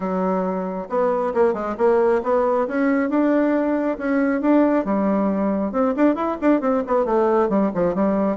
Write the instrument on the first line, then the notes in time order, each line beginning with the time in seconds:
bassoon
0.00 F#3
0.89 B3
1.34 A#3
1.53 G#3
1.77 A#3
2.23 B3
2.67 C#4
3.09 D4
3.98 C#4
4.41 D4
4.84 G3
5.71 C4
5.96 D4
6.15 E4
6.41 D4
6.61 C4
6.86 B3
7.05 A3
7.49 G3
7.74 F3
7.95 G3